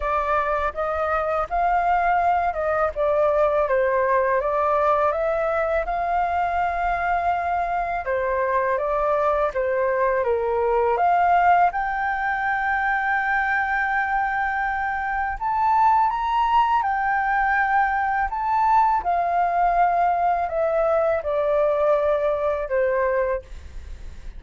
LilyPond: \new Staff \with { instrumentName = "flute" } { \time 4/4 \tempo 4 = 82 d''4 dis''4 f''4. dis''8 | d''4 c''4 d''4 e''4 | f''2. c''4 | d''4 c''4 ais'4 f''4 |
g''1~ | g''4 a''4 ais''4 g''4~ | g''4 a''4 f''2 | e''4 d''2 c''4 | }